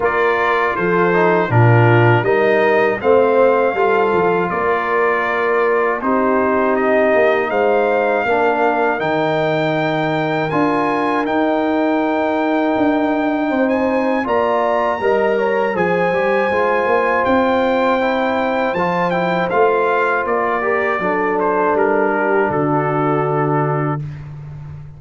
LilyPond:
<<
  \new Staff \with { instrumentName = "trumpet" } { \time 4/4 \tempo 4 = 80 d''4 c''4 ais'4 dis''4 | f''2 d''2 | c''4 dis''4 f''2 | g''2 gis''4 g''4~ |
g''2~ g''16 gis''8. ais''4~ | ais''4 gis''2 g''4~ | g''4 a''8 g''8 f''4 d''4~ | d''8 c''8 ais'4 a'2 | }
  \new Staff \with { instrumentName = "horn" } { \time 4/4 ais'4 a'4 f'4 ais'4 | c''4 a'4 ais'2 | g'2 c''4 ais'4~ | ais'1~ |
ais'2 c''4 d''4 | dis''8 cis''8 c''2.~ | c''2.~ c''8 ais'8 | a'4. g'8 fis'2 | }
  \new Staff \with { instrumentName = "trombone" } { \time 4/4 f'4. dis'8 d'4 dis'4 | c'4 f'2. | dis'2. d'4 | dis'2 f'4 dis'4~ |
dis'2. f'4 | ais'4 gis'8 g'8 f'2 | e'4 f'8 e'8 f'4. g'8 | d'1 | }
  \new Staff \with { instrumentName = "tuba" } { \time 4/4 ais4 f4 ais,4 g4 | a4 g8 f8 ais2 | c'4. ais8 gis4 ais4 | dis2 d'4 dis'4~ |
dis'4 d'4 c'4 ais4 | g4 f8 g8 gis8 ais8 c'4~ | c'4 f4 a4 ais4 | fis4 g4 d2 | }
>>